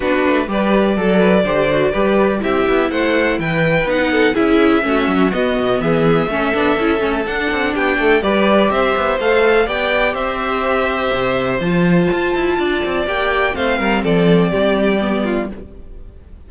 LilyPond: <<
  \new Staff \with { instrumentName = "violin" } { \time 4/4 \tempo 4 = 124 b'4 d''2.~ | d''4 e''4 fis''4 g''4 | fis''4 e''2 dis''4 | e''2. fis''4 |
g''4 d''4 e''4 f''4 | g''4 e''2. | a''2. g''4 | f''4 d''2. | }
  \new Staff \with { instrumentName = "violin" } { \time 4/4 fis'4 b'4 a'8 b'8 c''4 | b'4 g'4 c''4 b'4~ | b'8 a'8 gis'4 fis'2 | gis'4 a'2. |
g'8 a'8 b'4 c''2 | d''4 c''2.~ | c''2 d''2 | c''8 ais'8 a'4 g'4. f'8 | }
  \new Staff \with { instrumentName = "viola" } { \time 4/4 d'4 g'4 a'4 g'8 fis'8 | g'4 e'2. | dis'4 e'4 cis'4 b4~ | b4 cis'8 d'8 e'8 cis'8 d'4~ |
d'4 g'2 a'4 | g'1 | f'2. g'4 | c'2. b4 | }
  \new Staff \with { instrumentName = "cello" } { \time 4/4 b8 a8 g4 fis4 d4 | g4 c'8 b8 a4 e4 | b4 cis'4 a8 fis8 b8 b,8 | e4 a8 b8 cis'8 a8 d'8 c'8 |
b8 a8 g4 c'8 b8 a4 | b4 c'2 c4 | f4 f'8 e'8 d'8 c'8 ais4 | a8 g8 f4 g2 | }
>>